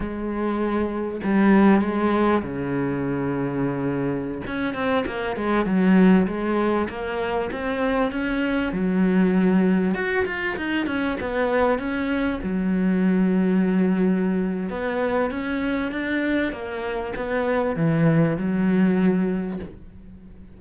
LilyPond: \new Staff \with { instrumentName = "cello" } { \time 4/4 \tempo 4 = 98 gis2 g4 gis4 | cis2.~ cis16 cis'8 c'16~ | c'16 ais8 gis8 fis4 gis4 ais8.~ | ais16 c'4 cis'4 fis4.~ fis16~ |
fis16 fis'8 f'8 dis'8 cis'8 b4 cis'8.~ | cis'16 fis2.~ fis8. | b4 cis'4 d'4 ais4 | b4 e4 fis2 | }